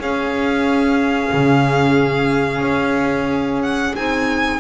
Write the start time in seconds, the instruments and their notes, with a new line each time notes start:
0.00 double bass C#4, clarinet C#4, violin G#4 F5
1.33 double bass C#3
2.62 double bass C#4
3.63 violin F#5
3.96 double bass C4, clarinet D#4, violin G#5